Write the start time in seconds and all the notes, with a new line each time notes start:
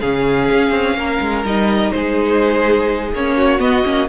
0.00 C#3 C#4 G#4 F5
0.51 C#4
0.70 C4
0.94 A#3 A#4
1.20 G#3
1.44 G3 D#4 D#5
1.91 G#3 G#4 C5
3.12 A#3 C#4 C#5
3.37 F#4
3.59 B3 D#5
3.84 A#3 C#4